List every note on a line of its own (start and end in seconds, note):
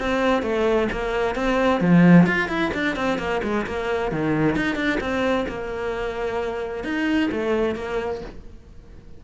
0.00 0.43 C4
0.43 0.88 A3
0.92 1.36 A#3
1.36 1.81 C4
1.81 2.27 F3
2.27 2.49 F4
2.49 2.71 E4
2.74 2.96 D4
2.96 3.19 C4
3.19 3.42 A#3
3.43 3.66 G#3
3.67 4.12 A#3
4.12 4.56 D#3
4.56 4.76 D#4
4.76 4.99 D4
5.01 5.46 C4
5.49 6.84 A#3
6.84 7.30 D#4
7.32 7.76 A3
7.76 8.21 A#3